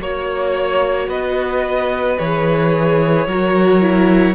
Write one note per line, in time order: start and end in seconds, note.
0.00 1.08 A#3
0.00 2.19 F#4
0.00 1.09 C#5
0.00 1.10 C#5
1.08 2.17 B3
1.08 3.27 B4
1.08 2.19 D#5
2.19 3.27 E3
2.19 3.28 G#4
2.19 4.35 C#5
3.27 4.35 F#3
3.27 3.82 F#4
3.27 4.35 A#4
3.82 4.35 E4